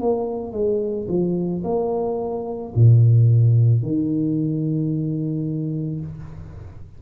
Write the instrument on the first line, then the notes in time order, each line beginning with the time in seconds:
tuba
0.00 A#3
0.53 G#3
1.09 F3
1.64 A#3
2.75 A#2
3.83 D#3